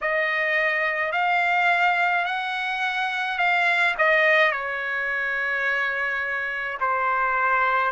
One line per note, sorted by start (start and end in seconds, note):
0.01 1.12 D#5
1.12 2.25 F5
2.25 3.38 F#5
3.38 3.95 F5
3.97 4.51 D#5
4.51 6.78 C#5
6.80 7.91 C5